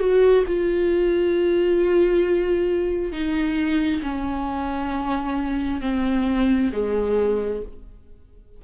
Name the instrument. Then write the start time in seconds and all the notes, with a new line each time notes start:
viola
0.00 F#4
0.48 F4
3.13 D#4
4.03 C#4
5.82 C4
6.73 G#3